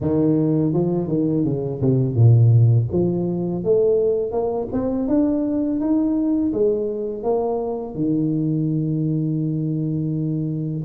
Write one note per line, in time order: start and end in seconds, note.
0.00 0.73 D#3
0.73 1.08 F3
1.08 1.44 D#3
1.44 1.80 C#3
1.81 2.15 C3
2.15 2.87 A#2
2.91 3.63 F3
3.63 4.31 A3
4.31 4.68 A#3
4.72 5.08 C4
5.08 5.80 D4
5.80 6.52 D#4
6.53 7.23 G#3
7.23 7.95 A#3
7.95 10.84 D#3